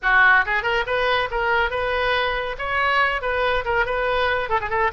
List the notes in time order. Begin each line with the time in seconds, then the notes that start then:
0.02 F#4
0.45 G#4
0.62 A#4
0.86 B4
1.30 A#4
1.70 B4
2.58 C#5
3.21 B4
3.64 A#4
3.85 B4
4.49 A4
4.60 G#4
4.69 A4